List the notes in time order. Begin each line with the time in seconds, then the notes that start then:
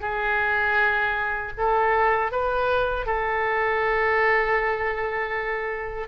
0.00 G#4
1.57 A4
2.31 B4
3.06 A4